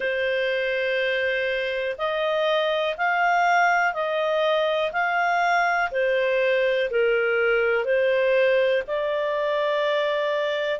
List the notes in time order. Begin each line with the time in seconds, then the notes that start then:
0.00 C5
1.98 D#5
2.97 F5
3.93 D#5
4.92 F5
5.91 C5
6.90 A#4
7.84 C5
8.87 D5